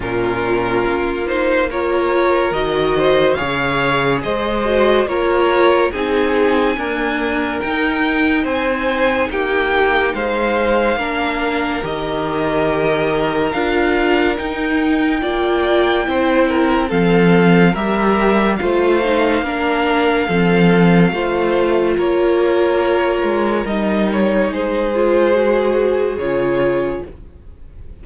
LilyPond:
<<
  \new Staff \with { instrumentName = "violin" } { \time 4/4 \tempo 4 = 71 ais'4. c''8 cis''4 dis''4 | f''4 dis''4 cis''4 gis''4~ | gis''4 g''4 gis''4 g''4 | f''2 dis''2 |
f''4 g''2. | f''4 e''4 f''2~ | f''2 cis''2 | dis''8 cis''8 c''2 cis''4 | }
  \new Staff \with { instrumentName = "violin" } { \time 4/4 f'2 ais'4. c''8 | cis''4 c''4 ais'4 gis'4 | ais'2 c''4 g'4 | c''4 ais'2.~ |
ais'2 d''4 c''8 ais'8 | a'4 ais'4 c''4 ais'4 | a'4 c''4 ais'2~ | ais'4 gis'2. | }
  \new Staff \with { instrumentName = "viola" } { \time 4/4 cis'4. dis'8 f'4 fis'4 | gis'4. fis'8 f'4 dis'4 | ais4 dis'2.~ | dis'4 d'4 g'2 |
f'4 dis'4 f'4 e'4 | c'4 g'4 f'8 dis'8 d'4 | c'4 f'2. | dis'4. f'8 fis'4 f'4 | }
  \new Staff \with { instrumentName = "cello" } { \time 4/4 ais,4 ais2 dis4 | cis4 gis4 ais4 c'4 | d'4 dis'4 c'4 ais4 | gis4 ais4 dis2 |
d'4 dis'4 ais4 c'4 | f4 g4 a4 ais4 | f4 a4 ais4. gis8 | g4 gis2 cis4 | }
>>